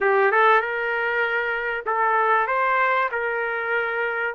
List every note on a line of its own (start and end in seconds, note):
0.00 0.31 G4
0.31 0.60 A4
0.60 1.84 A#4
1.86 2.47 A4
2.47 3.09 C5
3.11 4.34 A#4